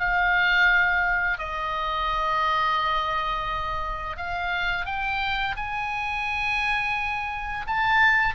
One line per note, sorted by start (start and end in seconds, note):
0.00 1.39 F5
1.39 4.17 D#5
4.17 4.86 F5
4.86 5.56 G5
5.57 7.66 G#5
7.67 8.35 A5